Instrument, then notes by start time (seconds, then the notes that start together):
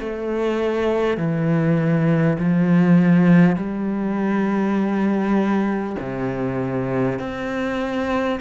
cello
0.00 A3
1.18 E3
2.39 F3
3.56 G3
6.00 C3
7.20 C4